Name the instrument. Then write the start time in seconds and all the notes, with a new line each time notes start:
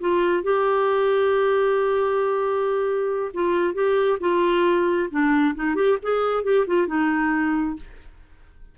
clarinet
0.00 F4
0.43 G4
3.34 F4
3.74 G4
4.20 F4
5.10 D4
5.55 D#4
5.75 G4
6.02 G#4
6.43 G4
6.67 F4
6.87 D#4